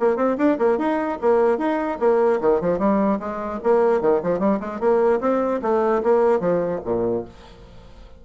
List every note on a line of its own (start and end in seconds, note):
0.00 0.17 A#3
0.17 0.37 C4
0.38 0.58 D4
0.58 0.78 A#3
0.78 1.18 D#4
1.21 1.58 A#3
1.58 1.99 D#4
2.00 2.40 A#3
2.41 2.61 D#3
2.61 2.79 F3
2.79 3.19 G3
3.20 3.60 G#3
3.63 4.01 A#3
4.01 4.22 D#3
4.23 4.39 F3
4.39 4.60 G3
4.60 4.80 G#3
4.80 5.20 A#3
5.21 5.61 C4
5.62 6.02 A3
6.03 6.40 A#3
6.40 6.81 F3
6.85 7.25 A#2